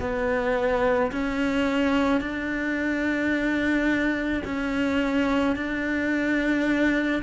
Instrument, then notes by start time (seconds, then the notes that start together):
cello
0.00 B3
1.12 C#4
2.20 D4
4.44 C#4
5.56 D4